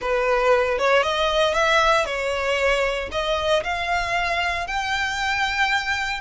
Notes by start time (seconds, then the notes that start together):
0.01 B4
0.78 C#5
1.02 D#5
1.54 E5
2.05 C#5
3.11 D#5
3.63 F5
4.67 G5